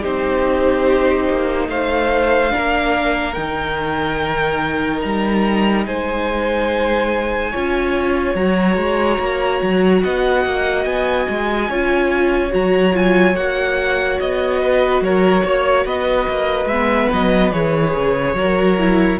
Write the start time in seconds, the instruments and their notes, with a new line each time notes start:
0.00 cello C4, viola D#4, violin G4 C5
1.29 cello A#3
1.68 cello A3, violin C5 F5
2.49 viola D4, violin A#4
2.56 cello A#3
3.34 cello D#3, viola D#4, violin G5
5.01 cello G3, violin A#5
5.86 cello G#3, violin C5 G#5
7.51 cello C#4, viola F4, violin C#5
8.35 cello F#3, viola F#4, violin A#5
8.76 cello G#3
9.19 cello A#3
9.62 cello F#3
10.03 cello B3, violin D#5 F#5
10.45 cello A#3
10.85 cello B3, violin G#5
11.29 cello G#3
11.69 cello C#4, viola F4, violin C#5
12.50 cello F#3, viola F#4, violin A#5
12.93 viola F4, violin G#5
13.35 cello A#3, viola F#4, violin F#5
14.20 cello B3, violin D#5
14.61 violin B4
15.01 cello F#3, violin A#4 C#5
15.44 cello A#3, violin C#5
15.85 cello B3, violin B4 D#5
16.28 cello A#3
16.65 cello G#3, viola B3, violin E5
17.13 cello F#3, violin D#5
17.52 cello E3, viola G#4, violin C#5
17.95 cello C#3
18.34 cello F#3, viola F#4, violin A#4
18.78 viola E4